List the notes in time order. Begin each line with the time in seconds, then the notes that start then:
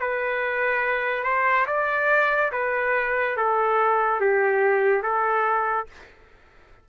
0.00 B4
1.24 C5
1.67 D5
2.52 B4
3.36 A4
4.20 G4
5.02 A4